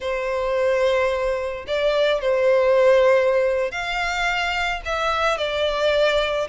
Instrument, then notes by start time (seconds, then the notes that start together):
violin
0.00 C5
1.67 D5
2.21 C5
3.71 F5
4.85 E5
5.37 D5